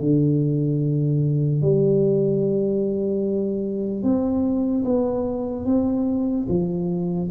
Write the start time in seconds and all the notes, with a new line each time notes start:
0.00 D3
1.62 G3
4.03 C4
4.85 B3
5.66 C4
6.49 F3